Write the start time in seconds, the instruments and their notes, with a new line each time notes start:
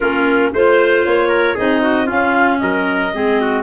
0.00 tuba A#3, clarinet C#4 A#4, trumpet F4
0.53 tuba A3, clarinet F4 C5, trumpet C5
1.04 tuba A#3, clarinet C#5
1.28 trumpet A#4
1.54 tuba C4, clarinet D#4 D#5, trumpet G#4
1.82 trumpet F#4
2.05 clarinet C#4 F5, tuba C#4, trumpet F4
2.59 tuba F#3, trumpet A#4, clarinet D#5
3.13 tuba G#3, clarinet C4, trumpet G#4
3.41 trumpet F#4